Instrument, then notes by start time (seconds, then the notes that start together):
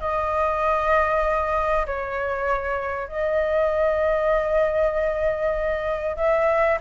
flute
0.00 D#5
1.86 C#5
3.07 D#5
6.16 E5